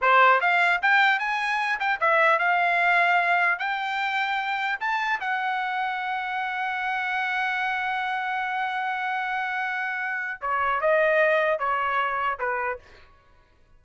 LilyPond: \new Staff \with { instrumentName = "trumpet" } { \time 4/4 \tempo 4 = 150 c''4 f''4 g''4 gis''4~ | gis''8 g''8 e''4 f''2~ | f''4 g''2. | a''4 fis''2.~ |
fis''1~ | fis''1~ | fis''2 cis''4 dis''4~ | dis''4 cis''2 b'4 | }